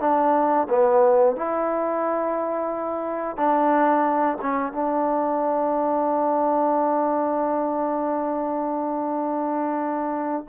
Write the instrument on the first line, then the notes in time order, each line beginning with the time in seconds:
trombone
0.00 D4
0.69 B3
1.36 E4
3.37 D4
4.42 C#4
4.72 D4